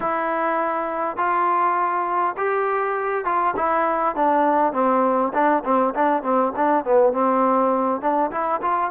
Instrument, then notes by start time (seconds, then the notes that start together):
trombone
0.00 E4
1.16 F4
2.37 G4
3.24 F4
3.56 E4
4.15 D4
4.73 C4
5.33 D4
5.64 C4
5.94 D4
6.22 C4
6.55 D4
6.84 B3
7.13 C4
8.01 D4
8.31 E4
8.61 F4